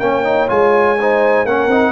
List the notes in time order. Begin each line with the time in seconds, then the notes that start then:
0.00 A#3 C#4 C#5 G5
0.25 D#4
0.49 G#3 F4 G#5
1.00 D#4 C5
1.46 A#3 C#4 A#4 F#5
1.67 C4 D#4